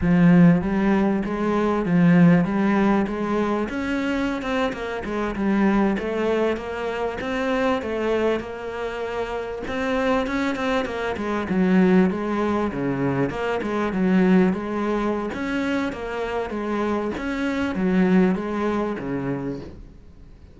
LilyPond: \new Staff \with { instrumentName = "cello" } { \time 4/4 \tempo 4 = 98 f4 g4 gis4 f4 | g4 gis4 cis'4~ cis'16 c'8 ais16~ | ais16 gis8 g4 a4 ais4 c'16~ | c'8. a4 ais2 c'16~ |
c'8. cis'8 c'8 ais8 gis8 fis4 gis16~ | gis8. cis4 ais8 gis8 fis4 gis16~ | gis4 cis'4 ais4 gis4 | cis'4 fis4 gis4 cis4 | }